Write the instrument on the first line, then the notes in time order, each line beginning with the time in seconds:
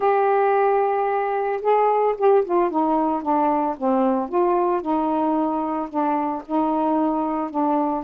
saxophone
0.00 G4
1.61 G#4
2.17 G4
2.44 F4
2.70 D#4
3.22 D4
3.77 C4
4.29 F4
4.81 D#4
5.89 D4
6.46 D#4
7.50 D4